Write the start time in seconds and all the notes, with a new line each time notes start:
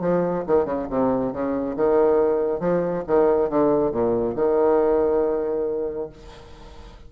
0.00 F3
0.47 D#3
0.65 C#3
0.90 C3
1.32 C#3
1.76 D#3
2.60 F3
3.07 D#3
3.49 D3
3.91 A#2
4.36 D#3